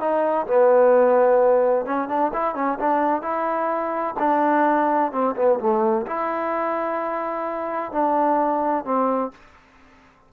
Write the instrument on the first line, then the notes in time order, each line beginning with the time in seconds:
trombone
0.00 D#4
0.47 B3
1.85 C#4
2.08 D4
2.33 E4
2.55 C#4
2.79 D4
3.22 E4
4.19 D4
5.12 C4
5.36 B3
5.60 A3
6.07 E4
7.92 D4
8.85 C4